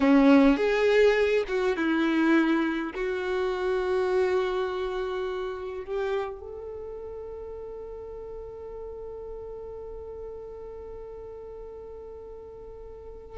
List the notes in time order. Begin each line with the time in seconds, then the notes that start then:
0.00 C#4
0.56 G#4
1.47 F#4
1.76 E4
2.94 F#4
5.84 G4
6.40 A4